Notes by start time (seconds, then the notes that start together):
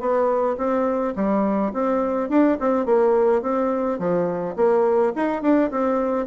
0.00 B3
0.58 C4
1.16 G3
1.73 C4
2.30 D4
2.60 C4
2.86 A#3
3.42 C4
3.99 F3
4.56 A#3
5.16 D#4
5.42 D4
5.71 C4